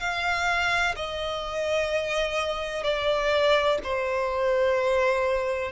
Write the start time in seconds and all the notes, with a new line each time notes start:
0.00 F5
0.96 D#5
2.83 D5
3.84 C5